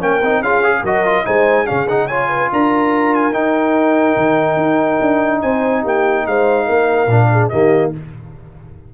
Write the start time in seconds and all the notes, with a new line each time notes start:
0.00 A#3 C#4 A#4 G5
0.22 C4 D#4
0.41 C#4 F4 G#4 F5
0.64 G#4
0.83 F#3 F#4 A#4 D#5
1.06 F4
1.25 G#3 D#4 C5 G#5
1.67 C#3 C#4 G#4 F5
1.89 D#4 F#5
2.07 F4 C#5 G#5
2.29 B4
2.52 D4 A#4 A#5
3.15 G#5
3.33 D#4 G5
4.17 D#3
4.57 D#4
5.01 D4
5.42 C4 C5 G#5
5.83 A#3 G4 G5
6.27 G#3 C5 F5
6.66 A#3 A#4
7.07 A#2 D4
7.32 G#4
7.49 D#3 A#3 G4 D#5